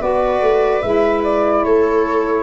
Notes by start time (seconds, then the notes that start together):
0.00 B3 F#4 B4 D5
0.41 A3
0.82 G#3 E4 E5
1.23 D5
1.64 A3 A4 C#5